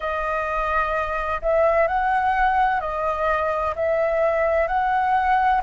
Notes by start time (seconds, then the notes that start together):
0.00 D#5
1.41 E5
1.87 F#5
2.80 D#5
3.75 E5
4.67 F#5